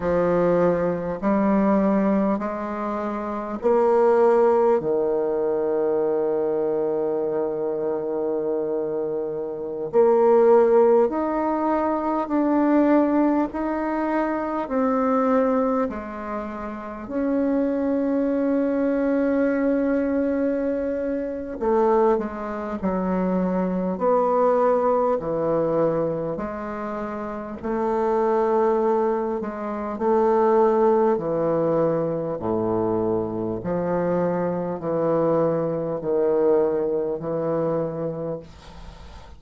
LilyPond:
\new Staff \with { instrumentName = "bassoon" } { \time 4/4 \tempo 4 = 50 f4 g4 gis4 ais4 | dis1~ | dis16 ais4 dis'4 d'4 dis'8.~ | dis'16 c'4 gis4 cis'4.~ cis'16~ |
cis'2 a8 gis8 fis4 | b4 e4 gis4 a4~ | a8 gis8 a4 e4 a,4 | f4 e4 dis4 e4 | }